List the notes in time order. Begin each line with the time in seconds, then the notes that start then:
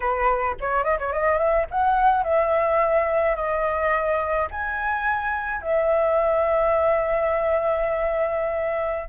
0.00 B4
0.60 C#5
0.84 D#5
0.98 C#5
1.12 D#5
1.38 E5
1.70 F#5
2.23 E5
3.35 D#5
4.50 G#5
5.61 E5